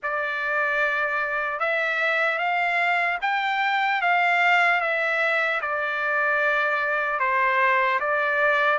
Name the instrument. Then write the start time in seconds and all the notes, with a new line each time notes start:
trumpet
0.02 D5
1.59 E5
2.38 F5
3.21 G5
4.01 F5
4.80 E5
5.61 D5
7.19 C5
8.00 D5